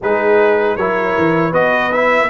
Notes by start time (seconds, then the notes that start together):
0.01 G#3 D#4 G#4 B4
0.76 F#3 E4 A#4 C#5
1.18 E3
1.50 B3 F#4 B4 D#5
1.92 E4 E5